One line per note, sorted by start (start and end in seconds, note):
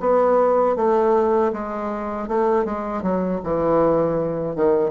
0.00 0.76 B3
0.76 1.52 A3
1.53 2.28 G#3
2.28 2.65 A3
2.65 3.03 G#3
3.03 3.41 F#3
3.44 4.56 E3
4.56 4.91 D#3